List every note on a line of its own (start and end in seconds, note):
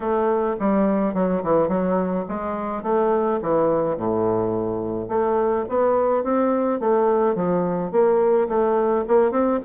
0.00 0.55 A3
0.59 1.13 G3
1.13 1.42 F#3
1.43 1.68 E3
1.68 2.24 F#3
2.28 2.83 G#3
2.83 3.39 A3
3.41 3.96 E3
3.96 5.08 A2
5.08 5.64 A3
5.69 6.23 B3
6.23 6.80 C4
6.80 7.35 A3
7.35 7.91 F3
7.91 8.48 A#3
8.48 9.04 A3
9.07 9.31 A#3
9.31 9.59 C4